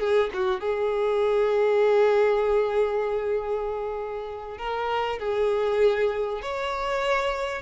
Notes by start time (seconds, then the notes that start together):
0.00 G#4
0.34 F#4
0.60 G#4
4.58 A#4
5.19 G#4
6.42 C#5